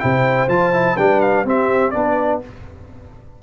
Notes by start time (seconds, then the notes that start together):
0.00 C3 E4 C5 G5
0.48 F3 F4 A5
0.73 E4
0.97 G3 D4 B4 G5
1.21 F5
1.45 C4 G4 E5
1.91 B3 D4 B4 D5